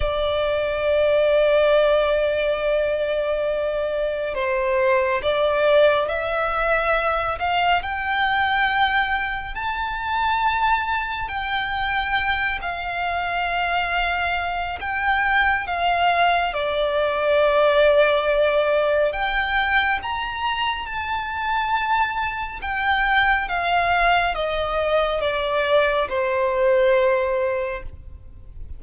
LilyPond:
\new Staff \with { instrumentName = "violin" } { \time 4/4 \tempo 4 = 69 d''1~ | d''4 c''4 d''4 e''4~ | e''8 f''8 g''2 a''4~ | a''4 g''4. f''4.~ |
f''4 g''4 f''4 d''4~ | d''2 g''4 ais''4 | a''2 g''4 f''4 | dis''4 d''4 c''2 | }